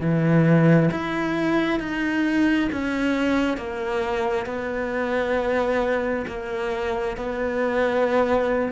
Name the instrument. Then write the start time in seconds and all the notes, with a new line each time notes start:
cello
0.00 E3
0.91 E4
1.80 D#4
2.72 C#4
3.57 A#3
4.46 B3
6.27 A#3
7.17 B3